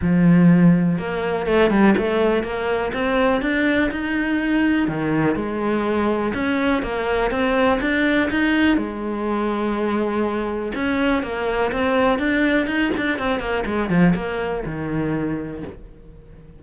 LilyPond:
\new Staff \with { instrumentName = "cello" } { \time 4/4 \tempo 4 = 123 f2 ais4 a8 g8 | a4 ais4 c'4 d'4 | dis'2 dis4 gis4~ | gis4 cis'4 ais4 c'4 |
d'4 dis'4 gis2~ | gis2 cis'4 ais4 | c'4 d'4 dis'8 d'8 c'8 ais8 | gis8 f8 ais4 dis2 | }